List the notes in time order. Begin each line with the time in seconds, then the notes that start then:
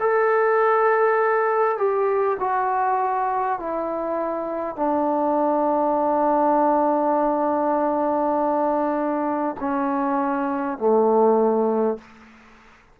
0.00 A4
1.77 G4
2.39 F#4
3.59 E4
4.76 D4
9.60 C#4
10.78 A3